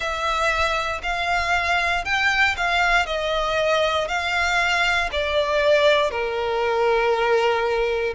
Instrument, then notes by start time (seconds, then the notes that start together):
violin
0.00 E5
1.03 F5
2.04 G5
2.57 F5
3.06 D#5
4.07 F5
5.11 D5
6.10 A#4